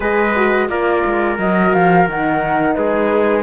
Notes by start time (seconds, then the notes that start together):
0.00 G#3 G#4 B4 D#5
0.35 F#4
0.69 A#3 F4 A#4 D5
1.05 G#3
1.38 F#3 F#4 D#5
1.73 F3 F5
2.06 D#3 D#4 F#5
2.74 G#3 G#4 B4